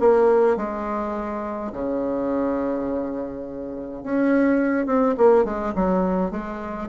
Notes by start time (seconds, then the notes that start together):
0.00 A#3
0.57 G#3
1.73 C#3
4.04 C#4
4.86 C4
5.17 A#3
5.45 G#3
5.75 F#3
6.31 G#3